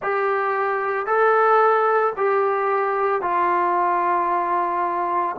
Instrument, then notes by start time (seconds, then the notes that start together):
trombone
0.02 G4
1.06 A4
2.16 G4
3.21 F4